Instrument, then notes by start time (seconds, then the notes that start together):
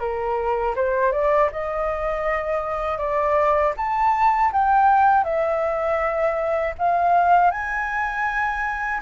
flute
0.00 A#4
0.76 C5
1.12 D5
1.52 D#5
2.98 D5
3.77 A5
4.53 G5
5.24 E5
6.79 F5
7.51 G#5